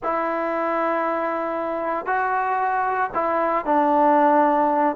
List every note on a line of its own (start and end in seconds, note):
0.03 2.06 E4
2.06 3.10 F#4
3.14 3.65 E4
3.65 4.95 D4